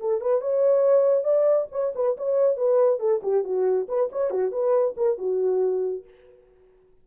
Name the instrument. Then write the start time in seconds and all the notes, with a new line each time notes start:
horn
0.00 A4
0.21 B4
0.41 C#5
1.24 D5
1.71 C#5
1.95 B4
2.17 C#5
2.57 B4
3.00 A4
3.23 G4
3.44 F#4
3.88 B4
4.12 C#5
4.30 F#4
4.51 B4
4.97 A#4
5.18 F#4